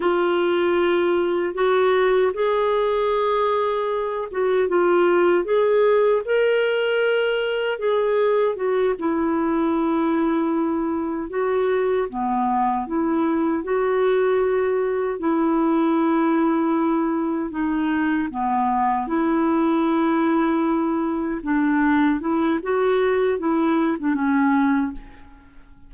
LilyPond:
\new Staff \with { instrumentName = "clarinet" } { \time 4/4 \tempo 4 = 77 f'2 fis'4 gis'4~ | gis'4. fis'8 f'4 gis'4 | ais'2 gis'4 fis'8 e'8~ | e'2~ e'8 fis'4 b8~ |
b8 e'4 fis'2 e'8~ | e'2~ e'8 dis'4 b8~ | b8 e'2. d'8~ | d'8 e'8 fis'4 e'8. d'16 cis'4 | }